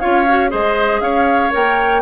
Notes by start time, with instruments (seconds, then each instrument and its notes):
0.00 bassoon C#4, clarinet F4, oboe C#5, flute F5
0.29 clarinet F#4
0.49 bassoon G#3, clarinet G#4, oboe C5, flute D#5
1.01 bassoon C#4, oboe C#5, flute F5
1.51 bassoon A#3, clarinet A#4, flute G5